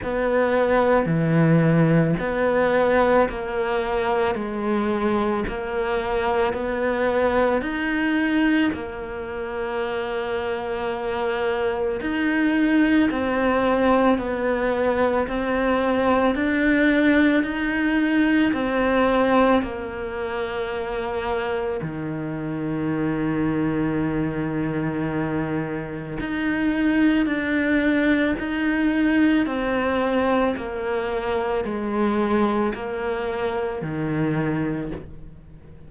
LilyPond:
\new Staff \with { instrumentName = "cello" } { \time 4/4 \tempo 4 = 55 b4 e4 b4 ais4 | gis4 ais4 b4 dis'4 | ais2. dis'4 | c'4 b4 c'4 d'4 |
dis'4 c'4 ais2 | dis1 | dis'4 d'4 dis'4 c'4 | ais4 gis4 ais4 dis4 | }